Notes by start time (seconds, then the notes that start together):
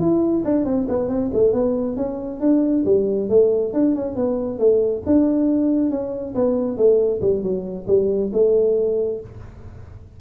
0.00 E4
0.45 D4
0.65 C4
0.89 B3
1.09 C4
1.34 A3
1.53 B3
1.97 C#4
2.41 D4
2.85 G3
3.30 A3
3.73 D4
3.95 C#4
4.16 B3
4.59 A3
5.06 D4
5.91 C#4
6.35 B3
6.77 A3
7.22 G3
7.43 F#3
7.88 G3
8.33 A3